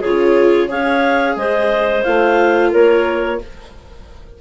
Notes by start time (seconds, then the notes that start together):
0.00 C#3 F4 G#4 C#5
0.68 C#4 G#4 C#5 F5
1.36 G#3 C5 D#5
2.04 A3 F4 F5
2.71 A#3 A#4 C#5